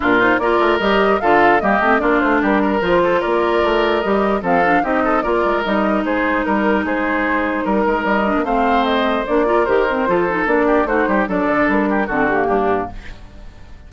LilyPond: <<
  \new Staff \with { instrumentName = "flute" } { \time 4/4 \tempo 4 = 149 ais'8 c''8 d''4 dis''4 f''4 | dis''4 d''8 c''8 ais'4 c''4 | d''2 dis''4 f''4 | dis''4 d''4 dis''4 c''4 |
ais'4 c''2 ais'4 | dis''4 f''4 dis''4 d''4 | c''2 d''4 c''4 | d''4 ais'4 a'8 g'4. | }
  \new Staff \with { instrumentName = "oboe" } { \time 4/4 f'4 ais'2 a'4 | g'4 f'4 g'8 ais'4 a'8 | ais'2. a'4 | g'8 a'8 ais'2 gis'4 |
ais'4 gis'2 ais'4~ | ais'4 c''2~ c''8 ais'8~ | ais'4 a'4. g'8 fis'8 g'8 | a'4. g'8 fis'4 d'4 | }
  \new Staff \with { instrumentName = "clarinet" } { \time 4/4 d'8 dis'8 f'4 g'4 f'4 | ais8 c'8 d'2 f'4~ | f'2 g'4 c'8 d'8 | dis'4 f'4 dis'2~ |
dis'1~ | dis'8 d'8 c'2 d'8 f'8 | g'8 c'8 f'8 dis'8 d'4 dis'4 | d'2 c'8 ais4. | }
  \new Staff \with { instrumentName = "bassoon" } { \time 4/4 ais,4 ais8 a8 g4 d4 | g8 a8 ais8 a8 g4 f4 | ais4 a4 g4 f4 | c'4 ais8 gis8 g4 gis4 |
g4 gis2 g8 gis8 | g8. ais16 a2 ais4 | dis4 f4 ais4 a8 g8 | fis8 d8 g4 d4 g,4 | }
>>